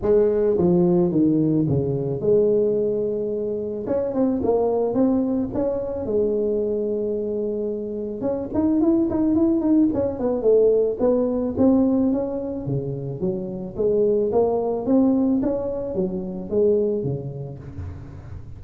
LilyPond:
\new Staff \with { instrumentName = "tuba" } { \time 4/4 \tempo 4 = 109 gis4 f4 dis4 cis4 | gis2. cis'8 c'8 | ais4 c'4 cis'4 gis4~ | gis2. cis'8 dis'8 |
e'8 dis'8 e'8 dis'8 cis'8 b8 a4 | b4 c'4 cis'4 cis4 | fis4 gis4 ais4 c'4 | cis'4 fis4 gis4 cis4 | }